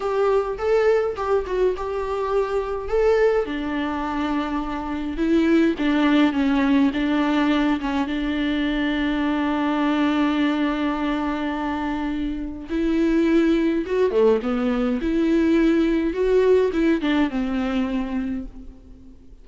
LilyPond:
\new Staff \with { instrumentName = "viola" } { \time 4/4 \tempo 4 = 104 g'4 a'4 g'8 fis'8 g'4~ | g'4 a'4 d'2~ | d'4 e'4 d'4 cis'4 | d'4. cis'8 d'2~ |
d'1~ | d'2 e'2 | fis'8 a8 b4 e'2 | fis'4 e'8 d'8 c'2 | }